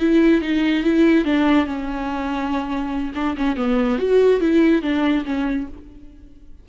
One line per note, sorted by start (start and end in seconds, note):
0.00 0.42 E4
0.42 0.84 D#4
0.84 1.25 E4
1.25 1.66 D4
1.66 3.13 C#4
3.15 3.36 D4
3.37 3.57 C#4
3.57 3.99 B3
3.99 4.41 F#4
4.41 4.82 E4
4.82 5.24 D4
5.25 5.67 C#4